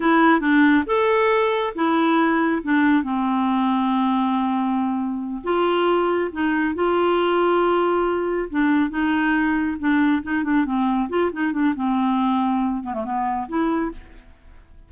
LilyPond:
\new Staff \with { instrumentName = "clarinet" } { \time 4/4 \tempo 4 = 138 e'4 d'4 a'2 | e'2 d'4 c'4~ | c'1~ | c'8 f'2 dis'4 f'8~ |
f'2.~ f'8 d'8~ | d'8 dis'2 d'4 dis'8 | d'8 c'4 f'8 dis'8 d'8 c'4~ | c'4. b16 a16 b4 e'4 | }